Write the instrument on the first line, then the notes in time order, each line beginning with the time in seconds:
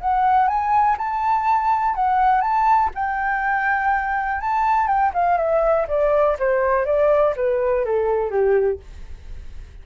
flute
0.00 F#5
0.47 G#5
0.98 A5
1.95 F#5
2.41 A5
2.95 G5
4.41 A5
4.87 G5
5.13 F5
5.37 E5
5.88 D5
6.39 C5
6.85 D5
7.36 B4
7.85 A4
8.30 G4